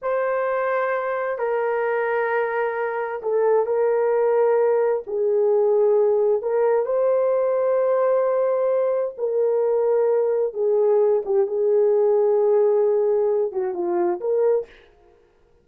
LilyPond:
\new Staff \with { instrumentName = "horn" } { \time 4/4 \tempo 4 = 131 c''2. ais'4~ | ais'2. a'4 | ais'2. gis'4~ | gis'2 ais'4 c''4~ |
c''1 | ais'2. gis'4~ | gis'8 g'8 gis'2.~ | gis'4. fis'8 f'4 ais'4 | }